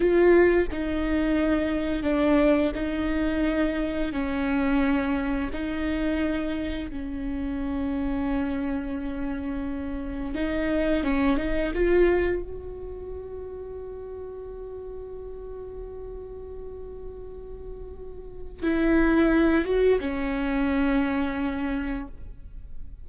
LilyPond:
\new Staff \with { instrumentName = "viola" } { \time 4/4 \tempo 4 = 87 f'4 dis'2 d'4 | dis'2 cis'2 | dis'2 cis'2~ | cis'2. dis'4 |
cis'8 dis'8 f'4 fis'2~ | fis'1~ | fis'2. e'4~ | e'8 fis'8 cis'2. | }